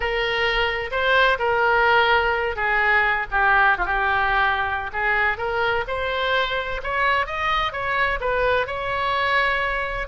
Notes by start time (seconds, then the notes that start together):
0.00 A#4
0.91 C5
1.38 A#4
2.56 G#4
3.31 G4
3.77 F4
3.85 G4
4.92 G#4
5.37 A#4
5.87 C5
6.83 C#5
7.26 D#5
7.72 C#5
8.20 B4
8.66 C#5